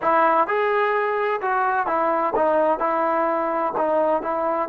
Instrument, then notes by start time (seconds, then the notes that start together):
trombone
0.01 E4
0.47 G#4
1.41 F#4
1.86 E4
2.35 D#4
2.79 E4
3.77 D#4
4.22 E4